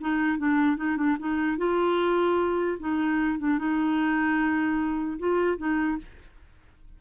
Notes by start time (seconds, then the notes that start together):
0.00 D#4
0.38 D4
0.77 D#4
0.97 D4
1.19 D#4
1.57 F4
2.79 D#4
3.38 D4
3.58 D#4
5.18 F4
5.57 D#4